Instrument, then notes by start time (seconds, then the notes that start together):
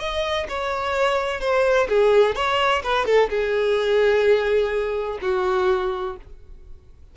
violin
0.00 D#5
0.49 C#5
1.41 C5
1.89 G#4
2.36 C#5
2.83 B4
3.06 A4
3.30 G#4
5.22 F#4